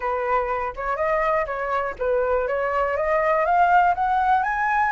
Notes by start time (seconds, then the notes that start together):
0.00 B4
0.76 C#5
0.96 D#5
1.46 C#5
1.98 B4
2.47 C#5
2.96 D#5
3.45 F5
3.95 F#5
4.43 G#5